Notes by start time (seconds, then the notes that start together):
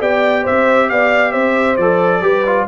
0.00 B3 G4 D5 G5
0.43 C5 E5
0.49 C4
0.89 B3 D5 F5
1.32 C4 C5 E5
1.77 F3 A4 D5
2.22 G3 G4 B4
2.46 F4